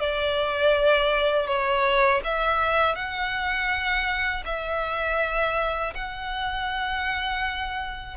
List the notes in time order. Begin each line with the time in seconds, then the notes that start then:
0.00 D5
1.47 C#5
2.24 E5
2.96 F#5
4.46 E5
5.95 F#5